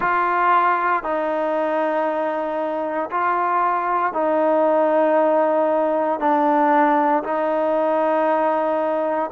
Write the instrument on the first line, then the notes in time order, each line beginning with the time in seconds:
trombone
0.00 F4
1.03 D#4
3.10 F4
4.13 D#4
6.19 D4
7.23 D#4